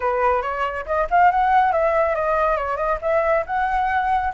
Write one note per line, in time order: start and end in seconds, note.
0.00 0.42 B4
0.42 0.85 C#5
0.86 1.07 D#5
1.10 1.31 F5
1.31 1.72 F#5
1.72 2.15 E5
2.15 2.56 D#5
2.56 2.76 C#5
2.76 2.98 D#5
3.01 3.44 E5
3.46 4.32 F#5